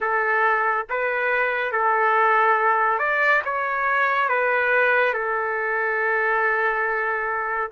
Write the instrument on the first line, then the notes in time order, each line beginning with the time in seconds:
trumpet
0.00 A4
0.89 B4
1.72 A4
2.98 D5
3.44 C#5
4.29 B4
5.13 A4